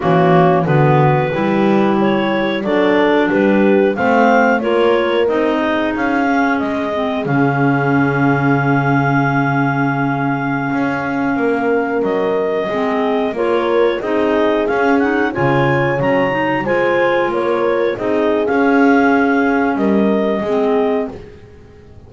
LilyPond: <<
  \new Staff \with { instrumentName = "clarinet" } { \time 4/4 \tempo 4 = 91 fis'4 b'2 cis''4 | d''4 b'4 f''4 cis''4 | dis''4 f''4 dis''4 f''4~ | f''1~ |
f''2~ f''16 dis''4.~ dis''16~ | dis''16 cis''4 dis''4 f''8 fis''8 gis''8.~ | gis''16 ais''4 gis''4 cis''4 dis''8. | f''2 dis''2 | }
  \new Staff \with { instrumentName = "horn" } { \time 4/4 cis'4 fis'4 g'2 | a'4 g'4 c''4 ais'4~ | ais'8 gis'2.~ gis'8~ | gis'1~ |
gis'4~ gis'16 ais'2 gis'8.~ | gis'16 ais'4 gis'2 cis''8.~ | cis''4~ cis''16 c''4 ais'4 gis'8.~ | gis'2 ais'4 gis'4 | }
  \new Staff \with { instrumentName = "clarinet" } { \time 4/4 ais4 b4 e'2 | d'2 c'4 f'4 | dis'4. cis'4 c'8 cis'4~ | cis'1~ |
cis'2.~ cis'16 c'8.~ | c'16 f'4 dis'4 cis'8 dis'8 f'8.~ | f'16 cis'8 dis'8 f'2 dis'8. | cis'2. c'4 | }
  \new Staff \with { instrumentName = "double bass" } { \time 4/4 e4 d4 g2 | fis4 g4 a4 ais4 | c'4 cis'4 gis4 cis4~ | cis1~ |
cis16 cis'4 ais4 fis4 gis8.~ | gis16 ais4 c'4 cis'4 cis8.~ | cis16 fis4 gis4 ais4 c'8. | cis'2 g4 gis4 | }
>>